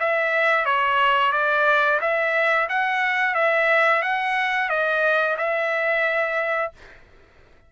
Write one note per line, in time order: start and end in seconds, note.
0.00 0.65 E5
0.65 1.32 C#5
1.32 1.99 D5
2.01 2.68 E5
2.69 3.35 F#5
3.35 4.02 E5
4.02 4.69 F#5
4.69 5.37 D#5
5.37 6.72 E5